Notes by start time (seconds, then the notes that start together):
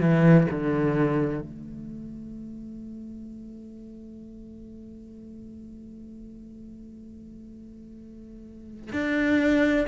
0.00 E3
0.50 D3
1.41 A3
8.92 D4